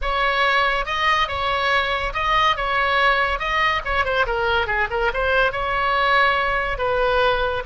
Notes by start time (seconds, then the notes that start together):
0.01 C#5
0.85 D#5
1.28 C#5
2.13 D#5
2.56 C#5
3.39 D#5
3.84 C#5
4.04 C5
4.26 A#4
4.67 G#4
4.90 A#4
5.13 C5
5.52 C#5
6.78 B4